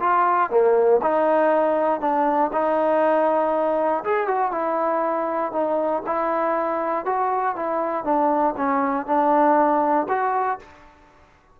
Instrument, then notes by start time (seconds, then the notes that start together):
trombone
0.00 F4
0.50 A#3
1.02 D#4
2.01 D4
2.53 D#4
4.05 G#4
4.28 F#4
4.52 E4
5.52 D#4
6.06 E4
7.05 F#4
7.56 E4
8.04 D4
8.57 C#4
9.06 D4
10.09 F#4